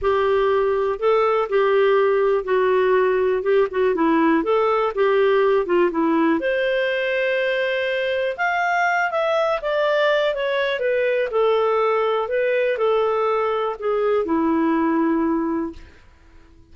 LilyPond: \new Staff \with { instrumentName = "clarinet" } { \time 4/4 \tempo 4 = 122 g'2 a'4 g'4~ | g'4 fis'2 g'8 fis'8 | e'4 a'4 g'4. f'8 | e'4 c''2.~ |
c''4 f''4. e''4 d''8~ | d''4 cis''4 b'4 a'4~ | a'4 b'4 a'2 | gis'4 e'2. | }